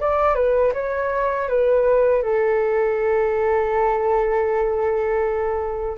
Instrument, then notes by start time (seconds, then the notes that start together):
flute
0.00 D5
0.35 B4
0.73 C#5
1.48 B4
2.22 A4